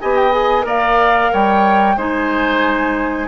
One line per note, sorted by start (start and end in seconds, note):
0.00 0.64 B3
0.00 0.31 G4
0.00 0.66 D#5
0.00 0.16 G#5
0.16 0.31 G5
0.31 0.61 G#4
0.31 0.64 G#5
0.61 1.30 A#3
0.61 1.93 A#4
0.61 1.31 D5
0.61 1.33 F5
1.32 1.95 G3
1.32 1.96 C#5
1.32 1.98 G5
1.95 3.27 G#3
1.95 3.28 D#4
1.95 3.28 C5
1.95 3.28 G#5